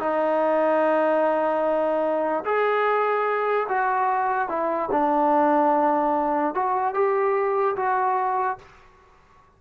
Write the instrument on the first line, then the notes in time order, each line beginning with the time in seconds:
trombone
0.00 D#4
2.46 G#4
3.69 F#4
4.49 E4
4.92 D4
6.55 F#4
6.95 G4
7.77 F#4